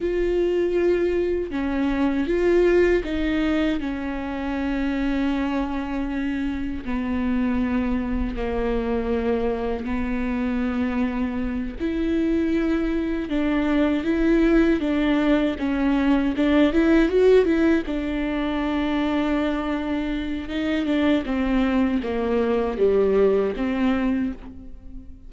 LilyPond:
\new Staff \with { instrumentName = "viola" } { \time 4/4 \tempo 4 = 79 f'2 cis'4 f'4 | dis'4 cis'2.~ | cis'4 b2 ais4~ | ais4 b2~ b8 e'8~ |
e'4. d'4 e'4 d'8~ | d'8 cis'4 d'8 e'8 fis'8 e'8 d'8~ | d'2. dis'8 d'8 | c'4 ais4 g4 c'4 | }